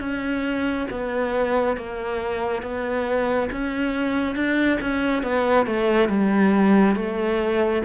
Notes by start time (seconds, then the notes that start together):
0.00 C#4
0.91 B3
1.77 A#3
2.62 B3
3.52 C#4
4.36 D4
4.81 C#4
5.23 B3
5.66 A3
6.09 G3
6.96 A3